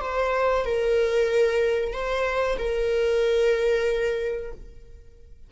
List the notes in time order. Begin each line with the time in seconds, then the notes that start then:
0.00 C5
0.65 A#4
1.93 C5
2.58 A#4